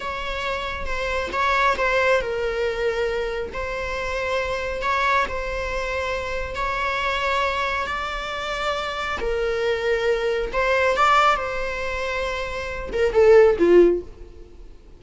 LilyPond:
\new Staff \with { instrumentName = "viola" } { \time 4/4 \tempo 4 = 137 cis''2 c''4 cis''4 | c''4 ais'2. | c''2. cis''4 | c''2. cis''4~ |
cis''2 d''2~ | d''4 ais'2. | c''4 d''4 c''2~ | c''4. ais'8 a'4 f'4 | }